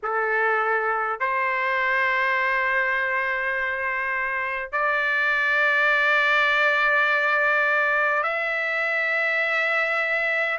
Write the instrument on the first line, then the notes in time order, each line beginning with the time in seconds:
trumpet
0.02 A4
1.20 C5
4.72 D5
8.23 E5